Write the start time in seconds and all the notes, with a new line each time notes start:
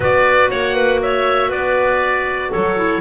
0.00 B3 F#4 B4 D5
0.50 A#3 C#5 F#5
0.75 B4
1.02 C#5 E5
1.48 B3 B4 D5
2.50 F#3 A4 C#5
2.76 E4